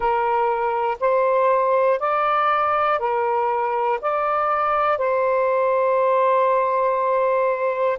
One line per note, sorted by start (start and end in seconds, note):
0.00 0.97 A#4
1.00 2.00 C5
2.00 2.99 D5
2.99 3.99 A#4
4.00 4.97 D5
4.97 7.97 C5